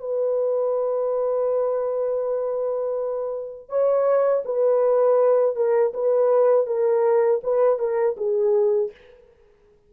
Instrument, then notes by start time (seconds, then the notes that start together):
horn
0.00 B4
3.69 C#5
4.45 B4
5.56 A#4
5.94 B4
6.67 A#4
7.44 B4
7.79 A#4
8.17 G#4